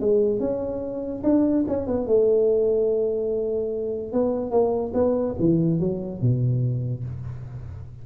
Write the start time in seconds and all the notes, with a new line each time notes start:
0.00 G#3
0.40 C#4
1.23 D4
1.68 C#4
1.87 B3
2.07 A3
4.12 B3
4.51 A#3
4.94 B3
5.39 E3
5.80 F#3
6.21 B2